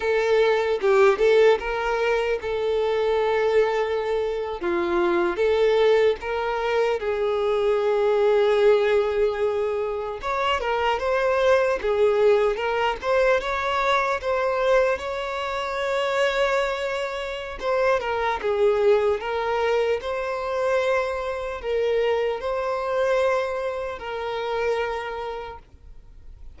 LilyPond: \new Staff \with { instrumentName = "violin" } { \time 4/4 \tempo 4 = 75 a'4 g'8 a'8 ais'4 a'4~ | a'4.~ a'16 f'4 a'4 ais'16~ | ais'8. gis'2.~ gis'16~ | gis'8. cis''8 ais'8 c''4 gis'4 ais'16~ |
ais'16 c''8 cis''4 c''4 cis''4~ cis''16~ | cis''2 c''8 ais'8 gis'4 | ais'4 c''2 ais'4 | c''2 ais'2 | }